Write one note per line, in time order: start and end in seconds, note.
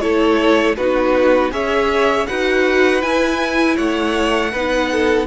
0.00 0.77 A3
0.00 0.76 E4
0.00 0.77 A4
0.00 0.75 C#5
0.76 1.51 B3
0.76 1.50 D#4
0.76 1.52 F#4
0.76 1.51 B4
1.50 2.26 C#4
1.50 2.25 G#4
1.50 2.27 C#5
1.50 2.26 E5
2.26 3.02 D#4
2.26 3.02 F#4
2.26 3.76 B4
2.26 3.01 F#5
3.01 4.52 E4
3.01 3.77 E4
3.01 3.76 G#5
3.76 4.53 A3
3.76 4.51 C#5
3.76 5.27 F#5
4.51 5.27 B3
4.51 5.27 D#4
4.51 4.89 B4
4.91 5.27 A4